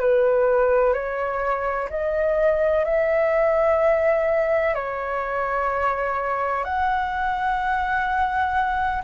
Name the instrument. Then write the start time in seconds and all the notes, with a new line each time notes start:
flute
0.00 B4
0.94 C#5
1.90 D#5
2.85 E5
4.75 C#5
6.65 F#5